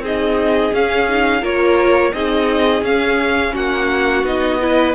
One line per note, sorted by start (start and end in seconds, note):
0.00 0.71 C4
0.00 0.73 D#4
0.00 1.41 G#4
0.00 0.75 D#5
0.73 1.08 C#4
0.73 1.42 C#4
0.73 1.45 F5
1.09 1.42 D#4
1.41 2.13 A#3
1.41 2.13 F4
1.41 2.12 A#4
1.41 2.13 C#5
2.13 2.82 C4
2.13 2.84 D#4
2.13 3.54 G#4
2.13 2.84 D#5
2.82 3.53 C#4
2.82 4.25 C#4
2.82 3.55 F5
3.54 4.24 A#3
3.54 4.60 F#4
3.54 4.26 F#5
4.24 4.94 B3
4.24 4.61 D#4
4.24 4.96 D#5
4.61 4.96 E4
4.61 4.96 B4